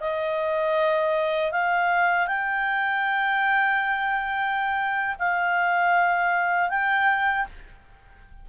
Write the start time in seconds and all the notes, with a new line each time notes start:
0.00 D#5
1.51 F5
2.27 G5
5.19 F5
6.69 G5